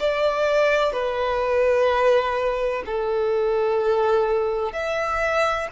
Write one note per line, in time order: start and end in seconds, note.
0.00 0.93 D5
0.93 2.84 B4
2.86 4.73 A4
4.73 5.68 E5